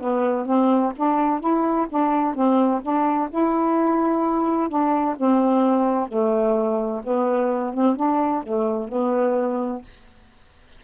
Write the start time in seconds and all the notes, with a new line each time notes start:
0.00 B3
0.46 C4
0.96 D4
1.40 E4
1.89 D4
2.34 C4
2.82 D4
3.30 E4
4.69 D4
5.16 C4
6.08 A3
7.04 B3
7.73 C4
7.96 D4
8.43 A3
8.88 B3